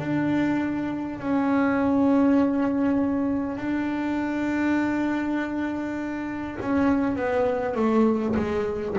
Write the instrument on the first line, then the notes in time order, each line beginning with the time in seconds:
double bass
0.00 D4
1.19 C#4
3.58 D4
6.61 C#4
7.16 B3
7.76 A3
8.37 G#3